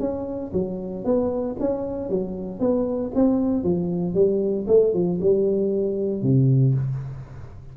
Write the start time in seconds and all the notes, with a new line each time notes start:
0.00 C#4
0.53 F#3
1.05 B3
1.60 C#4
2.09 F#3
2.60 B3
3.15 C4
3.63 F3
4.14 G3
4.68 A3
4.94 F3
5.21 G3
6.23 C3